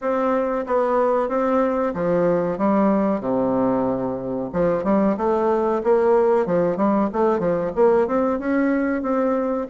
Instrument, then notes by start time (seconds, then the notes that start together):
bassoon
0.01 C4
0.66 B3
1.28 C4
1.94 F3
2.58 G3
3.20 C3
4.52 F3
4.84 G3
5.17 A3
5.83 A#3
6.46 F3
6.76 G3
7.12 A3
7.39 F3
7.75 A#3
8.07 C4
8.39 C#4
9.02 C4